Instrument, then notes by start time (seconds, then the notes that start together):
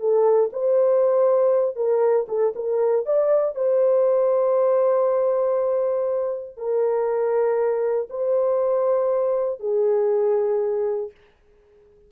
horn
0.00 A4
0.53 C5
1.76 A#4
2.28 A4
2.56 A#4
3.06 D5
3.55 C5
6.57 A#4
8.10 C5
9.60 G#4